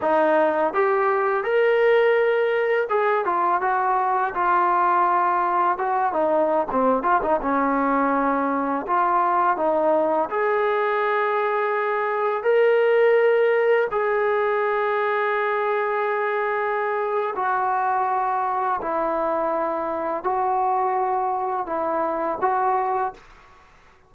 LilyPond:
\new Staff \with { instrumentName = "trombone" } { \time 4/4 \tempo 4 = 83 dis'4 g'4 ais'2 | gis'8 f'8 fis'4 f'2 | fis'8 dis'8. c'8 f'16 dis'16 cis'4.~ cis'16~ | cis'16 f'4 dis'4 gis'4.~ gis'16~ |
gis'4~ gis'16 ais'2 gis'8.~ | gis'1 | fis'2 e'2 | fis'2 e'4 fis'4 | }